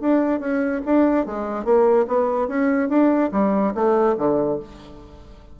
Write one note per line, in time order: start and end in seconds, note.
0.00 0.40 D4
0.40 0.81 C#4
0.85 1.26 D4
1.26 1.65 G#3
1.65 2.06 A#3
2.07 2.48 B3
2.48 2.89 C#4
2.89 3.30 D4
3.32 3.73 G3
3.74 4.16 A3
4.18 4.59 D3